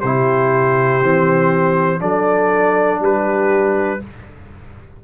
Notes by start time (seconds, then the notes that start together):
0.00 C3 E4 G4 C5
1.02 E3 C4
1.99 F#3 D4 A4 D5
2.99 G3 G4 B4